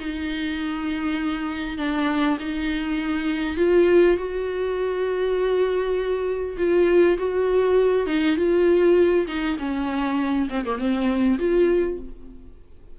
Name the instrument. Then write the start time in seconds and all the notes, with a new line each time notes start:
viola
0.00 D#4
1.78 D4
2.40 D#4
3.57 F4
4.17 F#4
6.58 F4
7.18 F#4
8.07 D#4
8.37 F4
9.28 D#4
9.59 C#4
10.50 C4
10.65 A#3
10.79 C4
11.39 F4